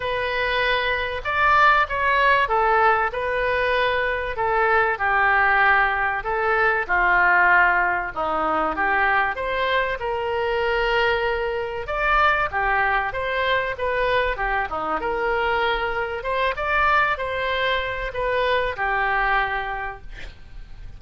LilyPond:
\new Staff \with { instrumentName = "oboe" } { \time 4/4 \tempo 4 = 96 b'2 d''4 cis''4 | a'4 b'2 a'4 | g'2 a'4 f'4~ | f'4 dis'4 g'4 c''4 |
ais'2. d''4 | g'4 c''4 b'4 g'8 dis'8 | ais'2 c''8 d''4 c''8~ | c''4 b'4 g'2 | }